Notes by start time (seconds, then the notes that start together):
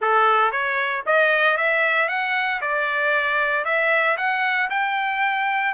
0.01 A4
0.51 C#5
1.06 D#5
1.57 E5
2.08 F#5
2.61 D5
3.64 E5
4.17 F#5
4.70 G5